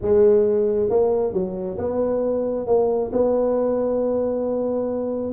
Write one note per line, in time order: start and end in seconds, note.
0.01 0.89 G#3
0.89 1.33 A#3
1.33 1.77 F#3
1.77 2.66 B3
2.66 3.11 A#3
3.12 5.33 B3